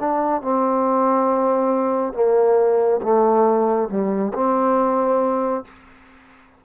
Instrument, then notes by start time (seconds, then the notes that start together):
trombone
0.00 D4
0.42 C4
2.13 A#3
3.02 A3
3.89 G3
4.34 C4